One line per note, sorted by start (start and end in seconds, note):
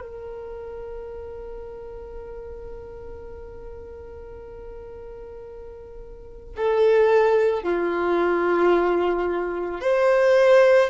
0.00 6.55 A#4
6.56 7.63 A4
7.63 9.80 F4
9.80 10.89 C5